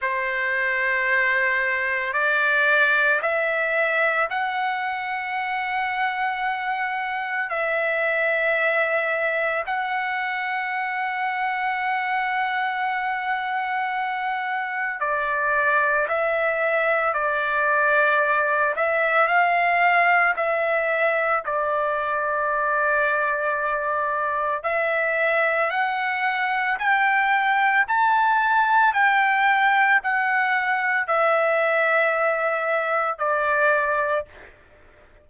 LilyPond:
\new Staff \with { instrumentName = "trumpet" } { \time 4/4 \tempo 4 = 56 c''2 d''4 e''4 | fis''2. e''4~ | e''4 fis''2.~ | fis''2 d''4 e''4 |
d''4. e''8 f''4 e''4 | d''2. e''4 | fis''4 g''4 a''4 g''4 | fis''4 e''2 d''4 | }